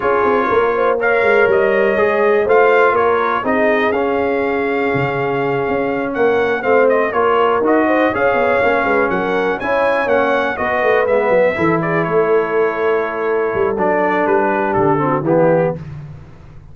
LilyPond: <<
  \new Staff \with { instrumentName = "trumpet" } { \time 4/4 \tempo 4 = 122 cis''2 f''4 dis''4~ | dis''4 f''4 cis''4 dis''4 | f''1~ | f''8 fis''4 f''8 dis''8 cis''4 dis''8~ |
dis''8 f''2 fis''4 gis''8~ | gis''8 fis''4 dis''4 e''4. | d''8 cis''2.~ cis''8 | d''4 b'4 a'4 g'4 | }
  \new Staff \with { instrumentName = "horn" } { \time 4/4 gis'4 ais'8 c''8 cis''2~ | cis''4 c''4 ais'4 gis'4~ | gis'1~ | gis'8 ais'4 c''4 ais'4. |
c''8 cis''4. b'8 ais'4 cis''8~ | cis''4. b'2 a'8 | gis'8 a'2.~ a'8~ | a'4. g'4 fis'8 e'4 | }
  \new Staff \with { instrumentName = "trombone" } { \time 4/4 f'2 ais'2 | gis'4 f'2 dis'4 | cis'1~ | cis'4. c'4 f'4 fis'8~ |
fis'8 gis'4 cis'2 e'8~ | e'8 cis'4 fis'4 b4 e'8~ | e'1 | d'2~ d'8 c'8 b4 | }
  \new Staff \with { instrumentName = "tuba" } { \time 4/4 cis'8 c'8 ais4. gis8 g4 | gis4 a4 ais4 c'4 | cis'2 cis4. cis'8~ | cis'8 ais4 a4 ais4 dis'8~ |
dis'8 cis'8 b8 ais8 gis8 fis4 cis'8~ | cis'8 ais4 b8 a8 gis8 fis8 e8~ | e8 a2. g8 | fis4 g4 d4 e4 | }
>>